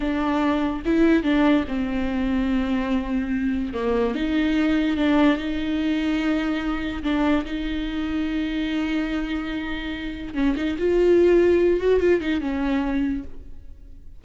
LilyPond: \new Staff \with { instrumentName = "viola" } { \time 4/4 \tempo 4 = 145 d'2 e'4 d'4 | c'1~ | c'4 ais4 dis'2 | d'4 dis'2.~ |
dis'4 d'4 dis'2~ | dis'1~ | dis'4 cis'8 dis'8 f'2~ | f'8 fis'8 f'8 dis'8 cis'2 | }